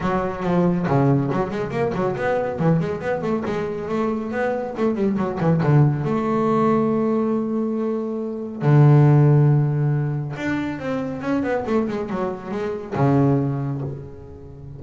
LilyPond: \new Staff \with { instrumentName = "double bass" } { \time 4/4 \tempo 4 = 139 fis4 f4 cis4 fis8 gis8 | ais8 fis8 b4 e8 gis8 b8 a8 | gis4 a4 b4 a8 g8 | fis8 e8 d4 a2~ |
a1 | d1 | d'4 c'4 cis'8 b8 a8 gis8 | fis4 gis4 cis2 | }